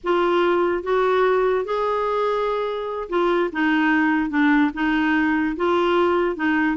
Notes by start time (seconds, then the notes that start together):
0.03 F4
0.83 F#4
1.64 G#4
3.09 F4
3.52 D#4
4.29 D4
4.74 D#4
5.56 F4
6.35 D#4